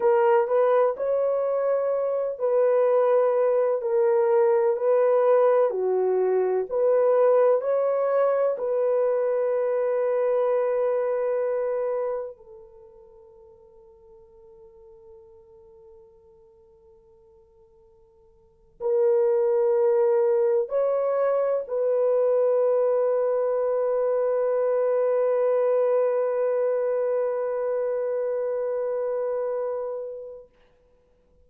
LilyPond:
\new Staff \with { instrumentName = "horn" } { \time 4/4 \tempo 4 = 63 ais'8 b'8 cis''4. b'4. | ais'4 b'4 fis'4 b'4 | cis''4 b'2.~ | b'4 a'2.~ |
a'2.~ a'8. ais'16~ | ais'4.~ ais'16 cis''4 b'4~ b'16~ | b'1~ | b'1 | }